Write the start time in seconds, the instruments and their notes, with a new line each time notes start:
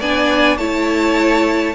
0.00 cello B3, viola D4, violin D5 G#5
0.58 cello A3, viola E4, violin C#5 A5